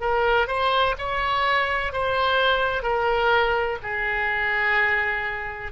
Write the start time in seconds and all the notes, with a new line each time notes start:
0.00 A#4
0.47 C5
0.98 C#5
1.92 C5
2.82 A#4
3.82 G#4